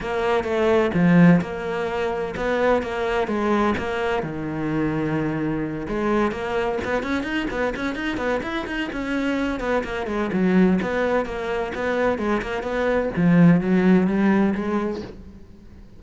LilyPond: \new Staff \with { instrumentName = "cello" } { \time 4/4 \tempo 4 = 128 ais4 a4 f4 ais4~ | ais4 b4 ais4 gis4 | ais4 dis2.~ | dis8 gis4 ais4 b8 cis'8 dis'8 |
b8 cis'8 dis'8 b8 e'8 dis'8 cis'4~ | cis'8 b8 ais8 gis8 fis4 b4 | ais4 b4 gis8 ais8 b4 | f4 fis4 g4 gis4 | }